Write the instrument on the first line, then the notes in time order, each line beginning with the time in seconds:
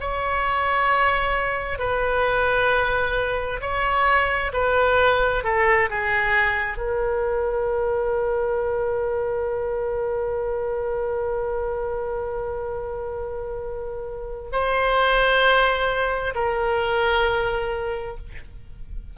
oboe
0.00 C#5
1.79 B4
3.61 C#5
4.53 B4
5.44 A4
5.90 G#4
6.78 A#4
14.52 C5
16.35 A#4